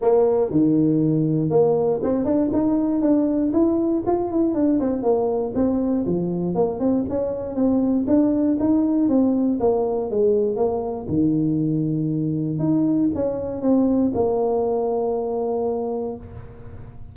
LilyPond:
\new Staff \with { instrumentName = "tuba" } { \time 4/4 \tempo 4 = 119 ais4 dis2 ais4 | c'8 d'8 dis'4 d'4 e'4 | f'8 e'8 d'8 c'8 ais4 c'4 | f4 ais8 c'8 cis'4 c'4 |
d'4 dis'4 c'4 ais4 | gis4 ais4 dis2~ | dis4 dis'4 cis'4 c'4 | ais1 | }